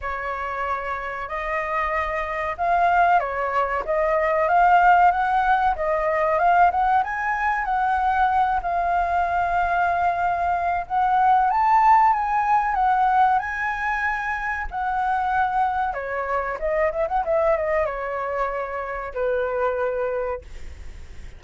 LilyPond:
\new Staff \with { instrumentName = "flute" } { \time 4/4 \tempo 4 = 94 cis''2 dis''2 | f''4 cis''4 dis''4 f''4 | fis''4 dis''4 f''8 fis''8 gis''4 | fis''4. f''2~ f''8~ |
f''4 fis''4 a''4 gis''4 | fis''4 gis''2 fis''4~ | fis''4 cis''4 dis''8 e''16 fis''16 e''8 dis''8 | cis''2 b'2 | }